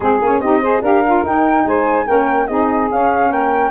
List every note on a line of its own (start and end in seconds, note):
0.00 0.20 G#3
0.00 0.22 C4
0.00 0.40 G#4
0.21 0.39 A#3
0.21 0.43 C#4
0.39 0.80 C4
0.39 0.62 D#4
0.39 0.61 G4
0.39 0.81 D#5
0.61 0.82 G#4
0.61 0.81 C5
0.81 1.22 D4
0.81 1.03 G4
0.81 1.64 A#4
0.81 1.25 F5
1.06 1.25 F4
1.23 1.64 D#4
1.23 2.06 D#4
1.23 1.67 G5
1.65 2.06 G#3
1.65 2.05 C5
1.65 2.07 G#5
2.05 2.49 A#3
2.05 2.47 C#4
2.05 2.46 A#4
2.05 2.47 G5
2.47 2.90 C4
2.47 2.90 D#4
2.47 3.29 G#4
2.47 2.88 D#5
2.90 3.30 C#4
2.90 3.71 C#4
2.90 3.31 F5
3.29 3.71 A#3
3.29 3.71 A#4
3.29 3.71 G5